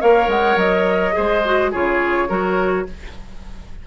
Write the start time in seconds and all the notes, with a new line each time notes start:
0.00 A#3 A#4 C#5 F5
0.27 G#3 F#5
0.56 F#3 D#5
1.12 G#3 G#4 C5
1.45 F#4
1.71 C#3 F4 G#4 C#5
2.28 F#3 F#4 A#4